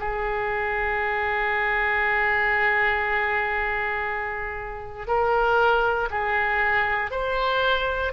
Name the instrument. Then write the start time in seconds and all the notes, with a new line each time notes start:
oboe
0.00 G#4
5.08 A#4
6.11 G#4
7.11 C5